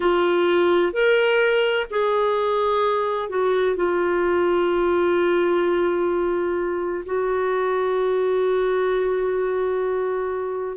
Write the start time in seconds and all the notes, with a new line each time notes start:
0.00 F4
0.92 A#4
1.90 G#4
3.29 F#4
3.76 F4
7.05 F#4